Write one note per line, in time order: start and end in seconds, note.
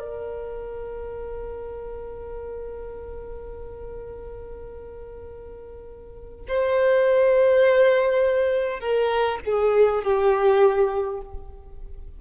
0.00 6.47 A#4
6.49 8.80 C5
8.80 9.39 A#4
9.45 10.04 G#4
10.04 11.22 G4